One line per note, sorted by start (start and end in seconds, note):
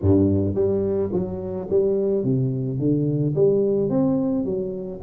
0.01 0.55 G2
0.55 1.10 G3
1.12 1.68 F#3
1.69 2.24 G3
2.24 2.79 C3
2.79 3.34 D3
3.35 3.89 G3
3.89 4.44 C4
4.44 5.00 F#3